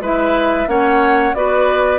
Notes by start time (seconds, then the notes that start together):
0.00 G#3 E4 B4 E5
0.67 A#3 C#4 C#5 F#5
1.34 B3 F#4 B4 D5